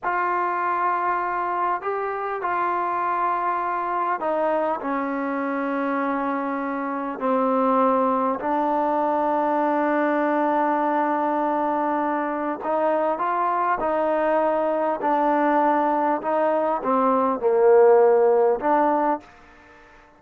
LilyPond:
\new Staff \with { instrumentName = "trombone" } { \time 4/4 \tempo 4 = 100 f'2. g'4 | f'2. dis'4 | cis'1 | c'2 d'2~ |
d'1~ | d'4 dis'4 f'4 dis'4~ | dis'4 d'2 dis'4 | c'4 ais2 d'4 | }